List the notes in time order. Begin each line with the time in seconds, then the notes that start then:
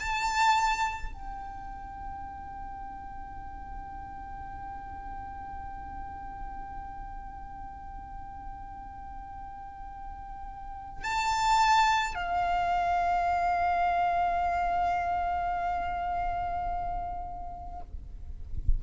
0.00 A5
1.14 G5
11.04 A5
12.15 F5